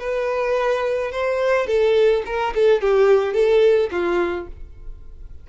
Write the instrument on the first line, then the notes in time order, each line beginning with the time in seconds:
violin
0.00 B4
1.12 C5
1.67 A4
2.26 A#4
2.55 A4
2.82 G4
3.34 A4
3.92 F4